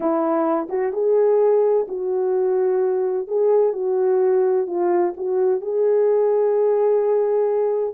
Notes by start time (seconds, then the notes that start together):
0.00 E4
0.69 F#4
0.93 G#4
1.87 F#4
3.27 G#4
3.73 F#4
4.66 F4
5.16 F#4
5.61 G#4